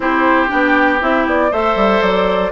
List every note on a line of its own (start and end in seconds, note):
0.00 0.49 C4
0.00 0.48 E4
0.00 1.51 G4
0.00 0.49 C5
0.48 1.02 B3
0.48 0.98 D4
0.48 1.00 G5
1.00 1.26 C4
1.00 1.51 E4
1.00 1.27 E5
1.26 1.51 B3
1.26 1.52 D5
1.51 1.75 A3
1.51 2.51 A4
1.51 2.51 C5
1.51 2.01 E5
1.75 2.01 G3
2.01 2.51 F#3
2.01 2.51 D5